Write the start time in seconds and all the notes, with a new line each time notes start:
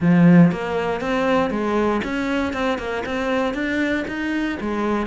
0.00 F3
0.51 A#3
1.01 C4
1.50 G#3
2.04 C#4
2.53 C4
2.78 A#3
3.05 C4
3.54 D4
4.07 D#4
4.60 G#3